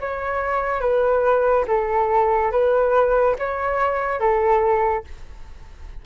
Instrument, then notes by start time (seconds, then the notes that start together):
flute
0.00 C#5
0.80 B4
1.67 A4
2.51 B4
3.39 C#5
4.19 A4